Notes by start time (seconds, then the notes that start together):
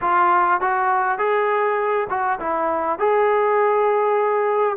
0.01 F4
0.60 F#4
1.18 G#4
2.09 F#4
2.40 E4
2.98 G#4